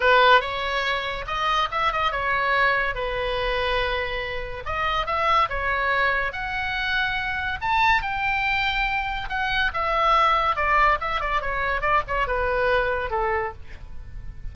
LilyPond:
\new Staff \with { instrumentName = "oboe" } { \time 4/4 \tempo 4 = 142 b'4 cis''2 dis''4 | e''8 dis''8 cis''2 b'4~ | b'2. dis''4 | e''4 cis''2 fis''4~ |
fis''2 a''4 g''4~ | g''2 fis''4 e''4~ | e''4 d''4 e''8 d''8 cis''4 | d''8 cis''8 b'2 a'4 | }